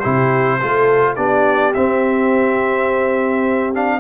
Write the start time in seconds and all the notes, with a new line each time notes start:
0.00 C3 E4 G4 C5
0.60 A3 F4 A4
1.16 B3 D4 G4 D5
1.74 C4 E5
3.74 D4 F5